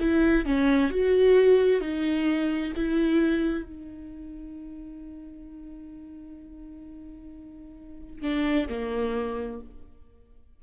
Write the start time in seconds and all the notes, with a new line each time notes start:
0.00 E4
0.46 C#4
0.91 F#4
1.81 D#4
2.76 E4
3.64 D#4
8.22 D4
8.69 A#3